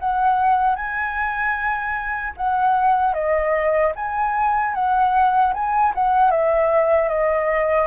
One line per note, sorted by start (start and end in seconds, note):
0.00 0.76 F#5
0.76 2.34 G#5
2.37 3.14 F#5
3.14 3.93 D#5
3.96 4.75 G#5
4.75 5.54 F#5
5.54 5.94 G#5
5.95 6.31 F#5
6.31 7.09 E5
7.09 7.88 D#5